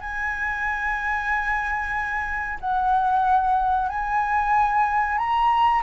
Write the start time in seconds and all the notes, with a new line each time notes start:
0.00 G#5
2.60 F#5
3.89 G#5
5.18 A#5